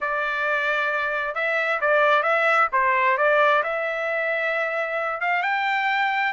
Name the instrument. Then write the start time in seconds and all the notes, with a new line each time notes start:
trumpet
0.00 D5
1.35 E5
1.80 D5
2.22 E5
2.72 C5
3.17 D5
3.63 E5
5.20 F5
5.42 G5